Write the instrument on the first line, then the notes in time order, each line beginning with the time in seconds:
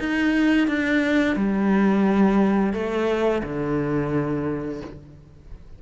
cello
0.00 D#4
0.68 D4
1.37 G3
2.74 A3
3.44 D3